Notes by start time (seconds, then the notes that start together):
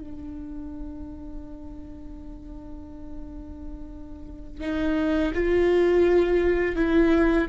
0.00 D4
4.60 D#4
5.34 F4
6.75 E4